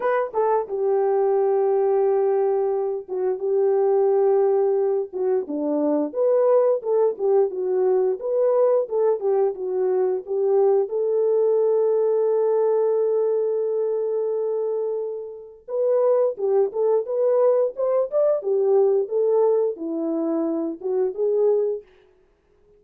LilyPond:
\new Staff \with { instrumentName = "horn" } { \time 4/4 \tempo 4 = 88 b'8 a'8 g'2.~ | g'8 fis'8 g'2~ g'8 fis'8 | d'4 b'4 a'8 g'8 fis'4 | b'4 a'8 g'8 fis'4 g'4 |
a'1~ | a'2. b'4 | g'8 a'8 b'4 c''8 d''8 g'4 | a'4 e'4. fis'8 gis'4 | }